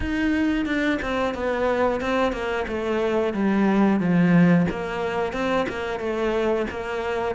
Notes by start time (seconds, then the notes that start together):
0.00 D#4
0.65 D4
1.02 C4
1.34 B3
2.00 C4
2.32 A#3
2.67 A3
3.33 G3
3.99 F3
4.70 A#3
5.32 C4
5.68 A#3
5.99 A3
6.70 A#3